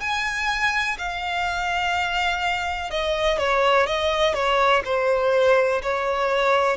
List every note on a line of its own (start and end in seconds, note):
0.00 0.97 G#5
0.98 2.90 F5
2.90 3.38 D#5
3.38 3.86 C#5
3.86 4.33 D#5
4.33 4.82 C#5
4.84 5.81 C5
5.82 6.77 C#5